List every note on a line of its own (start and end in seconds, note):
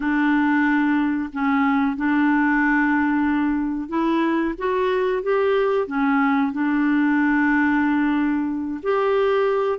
0.00 1.30 D4
1.32 1.96 C#4
1.96 3.89 D4
3.89 4.54 E4
4.58 5.23 F#4
5.23 5.87 G4
5.87 6.52 C#4
6.52 8.80 D4
8.83 9.79 G4